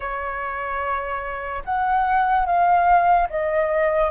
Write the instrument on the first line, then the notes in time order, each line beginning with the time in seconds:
flute
0.00 C#5
1.64 F#5
2.45 F5
3.29 D#5